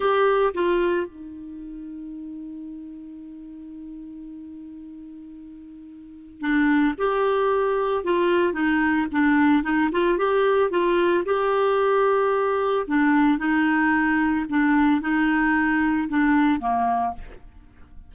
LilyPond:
\new Staff \with { instrumentName = "clarinet" } { \time 4/4 \tempo 4 = 112 g'4 f'4 dis'2~ | dis'1~ | dis'1 | d'4 g'2 f'4 |
dis'4 d'4 dis'8 f'8 g'4 | f'4 g'2. | d'4 dis'2 d'4 | dis'2 d'4 ais4 | }